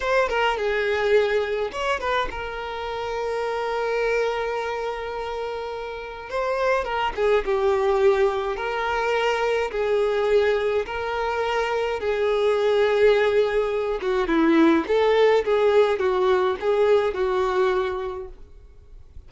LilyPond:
\new Staff \with { instrumentName = "violin" } { \time 4/4 \tempo 4 = 105 c''8 ais'8 gis'2 cis''8 b'8 | ais'1~ | ais'2. c''4 | ais'8 gis'8 g'2 ais'4~ |
ais'4 gis'2 ais'4~ | ais'4 gis'2.~ | gis'8 fis'8 e'4 a'4 gis'4 | fis'4 gis'4 fis'2 | }